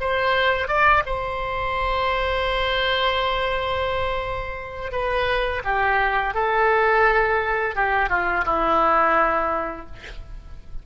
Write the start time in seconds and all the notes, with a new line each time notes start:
0.00 C5
0.67 D5
1.06 C5
4.92 B4
5.64 G4
6.34 A4
7.75 G4
8.09 F4
8.45 E4